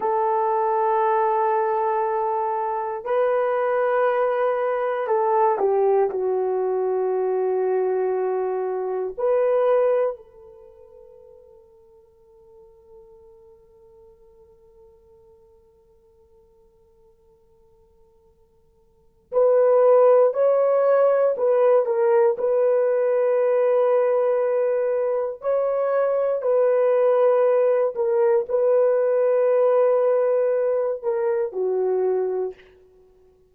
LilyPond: \new Staff \with { instrumentName = "horn" } { \time 4/4 \tempo 4 = 59 a'2. b'4~ | b'4 a'8 g'8 fis'2~ | fis'4 b'4 a'2~ | a'1~ |
a'2. b'4 | cis''4 b'8 ais'8 b'2~ | b'4 cis''4 b'4. ais'8 | b'2~ b'8 ais'8 fis'4 | }